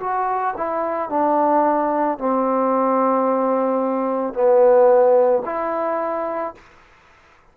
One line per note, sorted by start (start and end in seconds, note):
0.00 0.55 F#4
0.57 1.10 E4
1.10 2.18 D4
2.18 4.34 C4
4.34 5.43 B3
5.45 6.55 E4